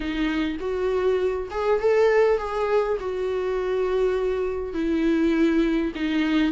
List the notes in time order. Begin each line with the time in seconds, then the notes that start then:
0.00 D#4
0.59 F#4
1.50 G#4
1.80 A4
2.38 G#4
2.99 F#4
4.73 E4
5.95 D#4